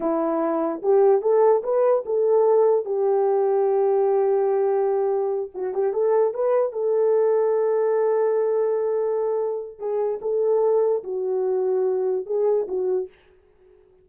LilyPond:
\new Staff \with { instrumentName = "horn" } { \time 4/4 \tempo 4 = 147 e'2 g'4 a'4 | b'4 a'2 g'4~ | g'1~ | g'4. fis'8 g'8 a'4 b'8~ |
b'8 a'2.~ a'8~ | a'1 | gis'4 a'2 fis'4~ | fis'2 gis'4 fis'4 | }